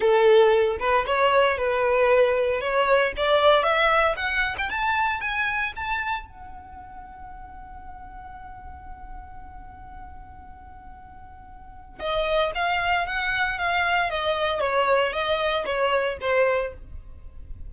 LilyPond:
\new Staff \with { instrumentName = "violin" } { \time 4/4 \tempo 4 = 115 a'4. b'8 cis''4 b'4~ | b'4 cis''4 d''4 e''4 | fis''8. g''16 a''4 gis''4 a''4 | fis''1~ |
fis''1~ | fis''2. dis''4 | f''4 fis''4 f''4 dis''4 | cis''4 dis''4 cis''4 c''4 | }